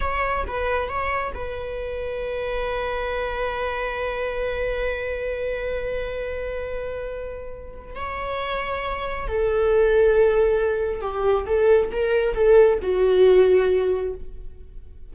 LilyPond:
\new Staff \with { instrumentName = "viola" } { \time 4/4 \tempo 4 = 136 cis''4 b'4 cis''4 b'4~ | b'1~ | b'1~ | b'1~ |
b'2 cis''2~ | cis''4 a'2.~ | a'4 g'4 a'4 ais'4 | a'4 fis'2. | }